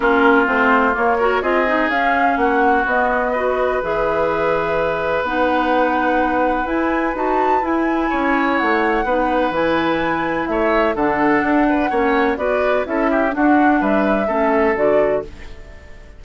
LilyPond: <<
  \new Staff \with { instrumentName = "flute" } { \time 4/4 \tempo 4 = 126 ais'4 c''4 cis''4 dis''4 | f''4 fis''4 dis''2 | e''2. fis''4~ | fis''2 gis''4 a''4 |
gis''2 fis''2 | gis''2 e''4 fis''4~ | fis''2 d''4 e''4 | fis''4 e''2 d''4 | }
  \new Staff \with { instrumentName = "oboe" } { \time 4/4 f'2~ f'8 ais'8 gis'4~ | gis'4 fis'2 b'4~ | b'1~ | b'1~ |
b'4 cis''2 b'4~ | b'2 cis''4 a'4~ | a'8 b'8 cis''4 b'4 a'8 g'8 | fis'4 b'4 a'2 | }
  \new Staff \with { instrumentName = "clarinet" } { \time 4/4 cis'4 c'4 ais8 fis'8 f'8 dis'8 | cis'2 b4 fis'4 | gis'2. dis'4~ | dis'2 e'4 fis'4 |
e'2. dis'4 | e'2. d'4~ | d'4 cis'4 fis'4 e'4 | d'2 cis'4 fis'4 | }
  \new Staff \with { instrumentName = "bassoon" } { \time 4/4 ais4 a4 ais4 c'4 | cis'4 ais4 b2 | e2. b4~ | b2 e'4 dis'4 |
e'4 cis'4 a4 b4 | e2 a4 d4 | d'4 ais4 b4 cis'4 | d'4 g4 a4 d4 | }
>>